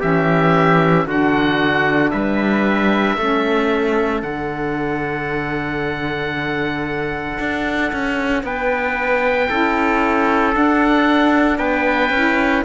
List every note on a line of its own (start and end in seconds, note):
0.00 1.06 E3
0.00 1.06 C#4
0.00 1.05 G4
0.00 1.07 E5
1.06 2.11 D3
1.06 3.18 D4
1.06 2.12 F#4
1.06 2.11 F#5
2.11 3.17 G3
2.11 3.16 B4
2.11 4.21 E5
3.16 4.23 A3
3.16 4.24 C#4
3.16 8.43 A4
4.22 7.38 D3
4.22 9.49 D4
4.22 8.43 F#5
7.39 7.92 D4
7.92 8.43 C#4
8.43 9.48 B3
8.43 9.50 B4
8.43 10.55 G5
9.49 10.56 C#4
9.49 10.52 E4
9.49 11.58 A4
10.52 12.10 D4
10.52 11.59 D4
10.52 11.58 F#5
11.58 12.10 B3
11.58 12.63 B4
11.58 12.63 G5
12.10 12.62 C#4
12.10 12.65 E4